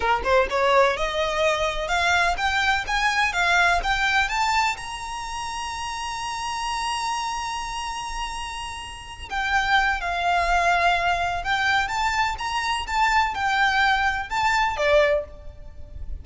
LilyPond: \new Staff \with { instrumentName = "violin" } { \time 4/4 \tempo 4 = 126 ais'8 c''8 cis''4 dis''2 | f''4 g''4 gis''4 f''4 | g''4 a''4 ais''2~ | ais''1~ |
ais''2.~ ais''8 g''8~ | g''4 f''2. | g''4 a''4 ais''4 a''4 | g''2 a''4 d''4 | }